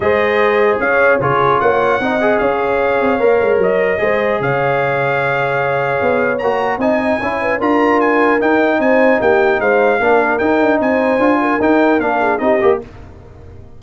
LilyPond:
<<
  \new Staff \with { instrumentName = "trumpet" } { \time 4/4 \tempo 4 = 150 dis''2 f''4 cis''4 | fis''2 f''2~ | f''4 dis''2 f''4~ | f''1 |
ais''4 gis''2 ais''4 | gis''4 g''4 gis''4 g''4 | f''2 g''4 gis''4~ | gis''4 g''4 f''4 dis''4 | }
  \new Staff \with { instrumentName = "horn" } { \time 4/4 c''2 cis''4 gis'4 | cis''4 dis''4 cis''2~ | cis''2 c''4 cis''4~ | cis''1~ |
cis''4 dis''4 cis''8 b'8 ais'4~ | ais'2 c''4 g'4 | c''4 ais'2 c''4~ | c''8 ais'2 gis'8 g'4 | }
  \new Staff \with { instrumentName = "trombone" } { \time 4/4 gis'2. f'4~ | f'4 dis'8 gis'2~ gis'8 | ais'2 gis'2~ | gis'1 |
fis'4 dis'4 e'4 f'4~ | f'4 dis'2.~ | dis'4 d'4 dis'2 | f'4 dis'4 d'4 dis'8 g'8 | }
  \new Staff \with { instrumentName = "tuba" } { \time 4/4 gis2 cis'4 cis4 | ais4 c'4 cis'4. c'8 | ais8 gis8 fis4 gis4 cis4~ | cis2. b4 |
ais4 c'4 cis'4 d'4~ | d'4 dis'4 c'4 ais4 | gis4 ais4 dis'8 d'8 c'4 | d'4 dis'4 ais4 c'8 ais8 | }
>>